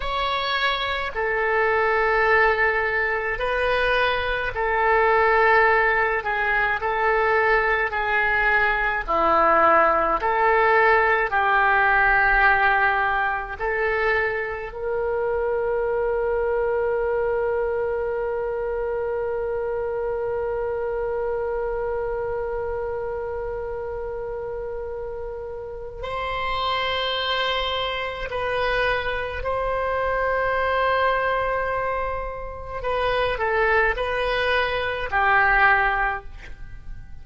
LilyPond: \new Staff \with { instrumentName = "oboe" } { \time 4/4 \tempo 4 = 53 cis''4 a'2 b'4 | a'4. gis'8 a'4 gis'4 | e'4 a'4 g'2 | a'4 ais'2.~ |
ais'1~ | ais'2. c''4~ | c''4 b'4 c''2~ | c''4 b'8 a'8 b'4 g'4 | }